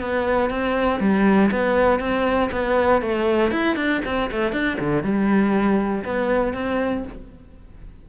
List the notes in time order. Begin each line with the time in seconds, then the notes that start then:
0.00 B3
0.50 C4
1.00 G3
1.51 B3
1.99 C4
2.51 B3
3.01 A3
3.51 E4
3.76 D4
4.05 C4
4.31 A3
4.52 D4
4.79 D3
5.03 G3
6.04 B3
6.53 C4